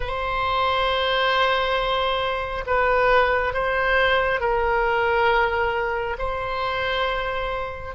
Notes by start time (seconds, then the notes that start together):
0.00 C5
2.66 B4
3.53 C5
4.40 A#4
6.18 C5